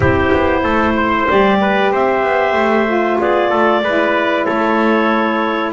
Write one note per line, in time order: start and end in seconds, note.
0.00 0.29 C4
0.00 1.28 E4
0.00 0.62 G4
0.00 1.28 C5
0.32 0.63 B3
0.63 1.27 A3
0.63 0.95 A4
0.96 1.60 C5
1.28 1.91 G3
1.28 2.86 G4
1.28 1.92 D5
1.61 1.92 B4
1.91 2.22 C4
1.91 3.20 C5
1.91 3.20 E5
2.22 2.52 B3
2.52 3.16 A3
2.86 3.82 F4
3.20 3.52 B3
3.20 3.49 G#4
3.20 4.44 D5
3.49 3.82 A3
3.49 3.81 A4
3.82 4.45 G#3
3.82 5.73 E4
3.82 4.45 B4
4.44 5.73 A3
4.44 5.73 A4
4.44 5.72 C#5